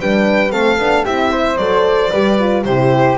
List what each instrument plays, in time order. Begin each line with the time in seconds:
0.00 double bass G3, horn D4, flute B4, violin G5
0.50 double bass A3, horn C4, flute A4, violin F5
0.78 double bass B3, horn D4
1.04 double bass C4, horn E4, flute G4, violin E5
1.31 flute C5
1.57 double bass F#3, horn A4, violin D5
2.11 double bass G3, horn G4, flute B4
2.39 horn F4
2.64 double bass C3, horn E4, flute G4, violin C5